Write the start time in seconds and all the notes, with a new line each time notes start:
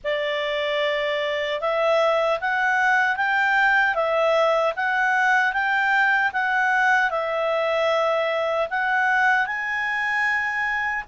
0.04 D5
1.60 E5
2.40 F#5
3.16 G5
3.94 E5
4.75 F#5
5.52 G5
6.32 F#5
7.10 E5
8.69 F#5
9.46 G#5